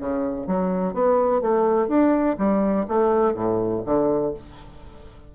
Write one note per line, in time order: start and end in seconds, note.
0.00 0.47 C#3
0.47 0.94 F#3
0.94 1.41 B3
1.41 1.88 A3
1.88 2.37 D4
2.38 2.87 G3
2.88 3.34 A3
3.34 3.83 A2
3.86 4.34 D3